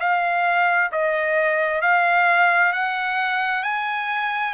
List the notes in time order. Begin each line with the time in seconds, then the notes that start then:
0.00 F5
0.92 D#5
1.82 F5
2.73 F#5
3.63 G#5